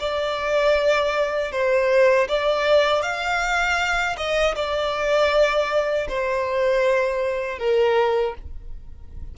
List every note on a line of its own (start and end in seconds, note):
0.00 1.52 D5
1.52 2.28 C5
2.28 3.02 D5
3.02 4.16 F5
4.17 4.55 D#5
4.56 6.08 D5
6.09 7.58 C5
7.58 8.34 A#4